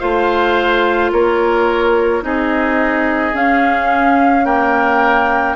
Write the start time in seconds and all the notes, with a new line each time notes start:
0.00 A3 F4 C5 F5
1.13 A#3 A#4 C#5
2.22 C4 D#4 G#4 D#5
3.34 C#4 F5
4.46 A#3 A#4 G5